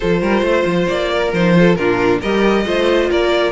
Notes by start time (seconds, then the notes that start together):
0.00 F3 F4 A4 C5
0.22 G3 A#4
0.42 A3 C5
0.65 F3
0.87 A#3 D5
1.12 A#4
1.32 F3 D#4 C5
1.55 F4 A4
1.75 A#2 D4 F4 A#4
2.20 G3 G4 A#4 D#5
2.65 A3 F4 C5
3.09 A#3 A#4 D5